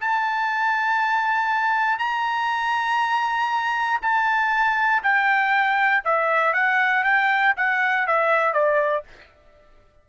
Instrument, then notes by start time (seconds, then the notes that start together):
trumpet
0.00 A5
1.98 A#5
4.02 A5
5.03 G5
6.04 E5
6.53 F#5
7.04 G5
7.57 F#5
8.07 E5
8.53 D5